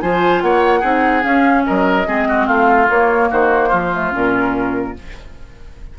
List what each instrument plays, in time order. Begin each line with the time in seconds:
0.00 bassoon F3, clarinet F4, oboe C5, flute G#5
0.41 bassoon A#3, oboe C#5, flute F#5
0.80 bassoon C4, clarinet D#4, oboe G#4
1.21 clarinet C#4, bassoon C#4, flute F5
1.65 bassoon F#3, oboe A#4, flute D#5
2.06 bassoon G#3, clarinet C4, oboe G#4
2.28 oboe F#4
2.46 bassoon A3, oboe F4, flute F5
2.89 bassoon A#3, clarinet A#3, flute C#5
3.30 bassoon D#3, oboe F#4, flute C5
3.69 bassoon F3, oboe F4
3.93 clarinet A3
4.11 bassoon A#2, clarinet C#4, flute A#4